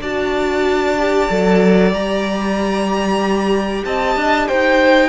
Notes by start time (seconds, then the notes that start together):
0.00 D4 F#4 D5 A5
0.97 G4
1.29 F#3 A4
1.92 G3 G4 A#5
3.85 C4 D#5 A5
4.16 D4
4.48 D#4 C5 G5